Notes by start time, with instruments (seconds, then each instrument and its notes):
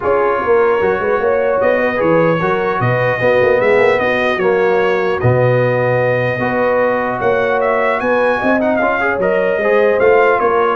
0.00 tuba C#4, trombone F4, horn G#4, trumpet C#5
0.41 tuba A#3, horn A#4
0.81 tuba F#3, trombone F#4
0.99 tuba G#3, horn B4
1.19 tuba A#3, horn C#5
1.60 tuba B3, trumpet D#5
1.80 horn B4
1.96 tuba E3, trombone G#4, trumpet C#5
2.39 tuba F#3, trombone F#4, horn A#4
2.80 tuba B2, horn B4, trumpet D#5
3.19 trombone B3, tuba B3, horn F#4
3.41 tuba A#3
3.60 tuba G#3, horn G#4, trumpet E5
3.78 tuba A#3
3.99 tuba B3, horn F#4, trumpet D#5
4.37 tuba F#3, trombone A#3, trumpet C#5
5.20 tuba B2, trombone B3, trumpet D#5
6.39 tuba B3, trombone F#4, horn B4
7.18 tuba A#3, horn C#5, trumpet F#5
7.61 trumpet E5
8.00 tuba B3, horn B4, trumpet G#5
8.38 tuba C4, horn D#5
8.59 trombone D#4, trumpet F#5
8.76 tuba C#4, trombone F4, trumpet F5
9.00 trombone G#4, horn C#5
9.18 tuba F#3, trombone A#4, trumpet D#5
9.57 tuba G#3, trombone G#4, horn C5
9.99 tuba A3, trombone F4, trumpet F5
10.39 tuba A#3, horn A#4, trumpet C#5